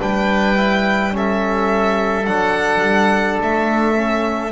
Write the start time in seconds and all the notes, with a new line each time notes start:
0.00 G3 D4 B4 G5
0.57 E4
1.12 C#4 A4 E5
2.26 F#3 D4 F#5
2.80 G3
3.41 A3 E5
3.95 C#4